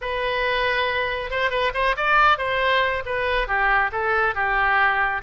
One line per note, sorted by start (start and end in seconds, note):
0.01 1.30 B4
1.30 1.50 C5
1.50 1.72 B4
1.74 1.95 C5
1.96 2.38 D5
2.38 3.03 C5
3.05 3.47 B4
3.47 3.91 G4
3.92 4.34 A4
4.34 5.21 G4